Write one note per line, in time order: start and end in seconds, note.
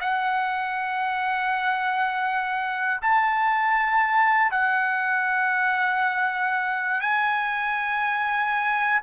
0.00 3.00 F#5
3.01 4.50 A5
4.50 7.00 F#5
7.00 9.00 G#5